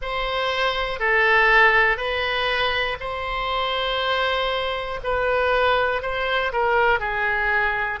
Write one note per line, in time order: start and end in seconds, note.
0.01 1.00 C5
1.00 1.97 A4
1.97 2.97 B4
3.00 5.00 C5
5.03 6.01 B4
6.01 6.51 C5
6.52 7.00 A#4
7.00 8.00 G#4